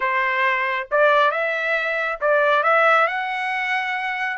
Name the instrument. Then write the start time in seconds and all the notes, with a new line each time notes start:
trumpet
0.00 C5
0.91 D5
1.31 E5
2.21 D5
2.63 E5
3.07 F#5